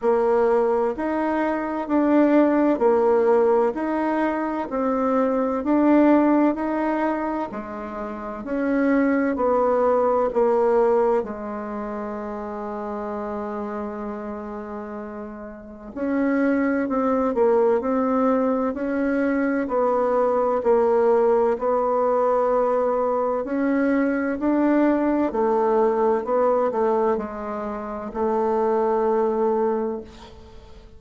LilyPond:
\new Staff \with { instrumentName = "bassoon" } { \time 4/4 \tempo 4 = 64 ais4 dis'4 d'4 ais4 | dis'4 c'4 d'4 dis'4 | gis4 cis'4 b4 ais4 | gis1~ |
gis4 cis'4 c'8 ais8 c'4 | cis'4 b4 ais4 b4~ | b4 cis'4 d'4 a4 | b8 a8 gis4 a2 | }